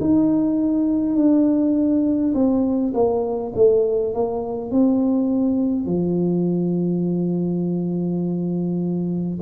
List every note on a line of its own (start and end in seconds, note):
0.00 1.16 D#4
1.16 2.33 D4
2.34 2.93 C4
2.94 3.52 A#3
3.55 4.13 A3
4.13 4.71 A#3
4.71 5.85 C4
5.85 9.38 F3